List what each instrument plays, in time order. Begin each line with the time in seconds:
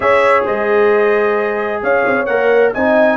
0.00 tuba C#4, trombone G#4, horn C#5, trumpet E5
0.45 tuba G#3, horn C5, trumpet D#5
1.82 tuba C#4, horn C#5, trumpet F5
2.05 tuba C4
2.25 tuba A#3, trombone A#4, trumpet F#5
2.73 tuba C4, trombone D#4, horn D#5, trumpet G#5